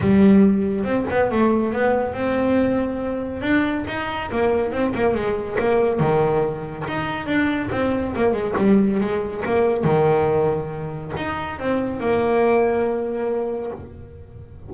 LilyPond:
\new Staff \with { instrumentName = "double bass" } { \time 4/4 \tempo 4 = 140 g2 c'8 b8 a4 | b4 c'2. | d'4 dis'4 ais4 c'8 ais8 | gis4 ais4 dis2 |
dis'4 d'4 c'4 ais8 gis8 | g4 gis4 ais4 dis4~ | dis2 dis'4 c'4 | ais1 | }